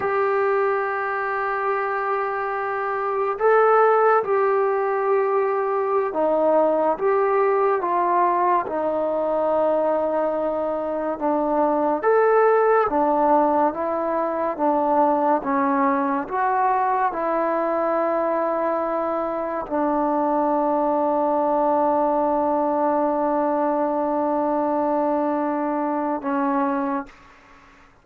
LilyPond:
\new Staff \with { instrumentName = "trombone" } { \time 4/4 \tempo 4 = 71 g'1 | a'4 g'2~ g'16 dis'8.~ | dis'16 g'4 f'4 dis'4.~ dis'16~ | dis'4~ dis'16 d'4 a'4 d'8.~ |
d'16 e'4 d'4 cis'4 fis'8.~ | fis'16 e'2. d'8.~ | d'1~ | d'2. cis'4 | }